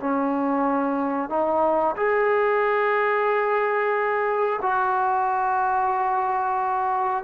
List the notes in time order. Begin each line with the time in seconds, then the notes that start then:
0.00 C#4
1.29 D#4
1.96 G#4
4.62 F#4